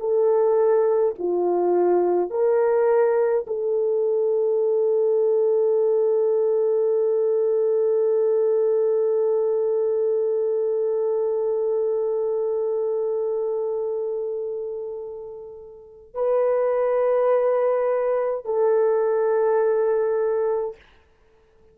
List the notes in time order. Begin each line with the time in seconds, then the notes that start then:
0.00 A4
1.19 F4
2.30 A#4
3.47 A4
16.14 B4
18.45 A4